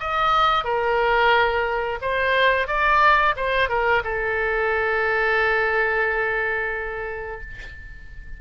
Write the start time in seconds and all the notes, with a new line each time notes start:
0.00 D#5
0.64 A#4
2.02 C5
2.68 D5
3.36 C5
3.69 A#4
4.04 A4